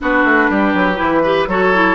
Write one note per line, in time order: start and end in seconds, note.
0.00 0.24 B3
0.00 0.96 D4
0.00 0.51 F#4
0.00 1.49 B4
0.24 0.48 A3
0.49 0.74 G3
0.49 1.23 G4
0.74 0.98 F#3
0.96 1.47 E3
0.96 1.21 E4
1.23 1.48 G4
1.23 1.47 B4
1.47 1.95 F#3
1.47 1.74 F#4
1.47 1.95 A4
1.47 1.95 C#5
1.74 1.95 E4